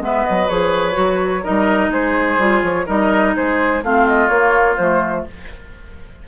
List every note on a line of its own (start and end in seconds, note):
0.00 0.24 G#3
0.00 0.48 B3
0.00 1.43 B4
0.00 0.25 E5
0.25 0.50 F#3
0.25 0.48 D#5
0.48 0.97 F3
0.48 0.92 G#4
0.48 1.44 C#5
0.92 1.45 F#3
0.92 1.40 F#4
1.43 1.89 G3
1.43 2.39 D#4
1.43 1.91 A#4
1.43 1.91 D#5
1.89 2.37 G#3
1.89 2.86 G#4
1.89 2.62 C5
2.39 2.62 G3
2.39 2.86 F4
2.62 2.86 F3
2.62 2.86 C#5
2.86 3.36 G3
2.86 3.81 D#4
2.86 3.33 A#4
2.86 3.35 D#5
3.36 3.83 G#3
3.36 3.84 G#4
3.36 3.83 C5
3.83 4.29 A3
3.83 4.29 C4
3.83 5.27 F4
3.83 4.08 F5
4.08 4.28 D#5
4.28 4.77 A#3
4.28 4.75 C#5
4.76 5.26 F3
4.76 5.27 A3
4.76 5.24 C5